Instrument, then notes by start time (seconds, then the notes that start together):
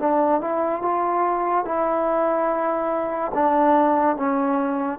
trombone
0.00 D4
0.41 E4
0.82 F4
1.66 E4
3.34 D4
4.16 C#4